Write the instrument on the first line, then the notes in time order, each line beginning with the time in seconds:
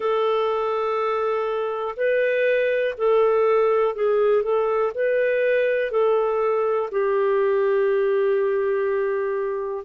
clarinet
0.00 A4
1.96 B4
2.97 A4
3.95 G#4
4.43 A4
4.94 B4
5.91 A4
6.91 G4